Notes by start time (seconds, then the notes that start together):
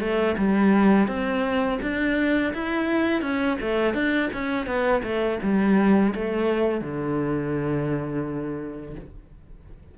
0.00 A3
0.37 G3
1.07 C4
1.82 D4
2.53 E4
3.21 C#4
3.61 A3
3.94 D4
4.33 C#4
4.66 B3
5.03 A3
5.43 G3
6.15 A3
6.81 D3